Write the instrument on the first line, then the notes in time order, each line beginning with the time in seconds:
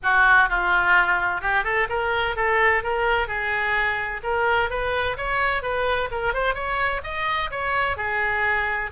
oboe
0.02 F#4
0.49 F4
1.41 G4
1.64 A4
1.89 A#4
2.36 A4
2.83 A#4
3.27 G#4
4.23 A#4
4.70 B4
5.17 C#5
5.62 B4
6.11 A#4
6.33 C5
6.54 C#5
7.03 D#5
7.51 C#5
7.97 G#4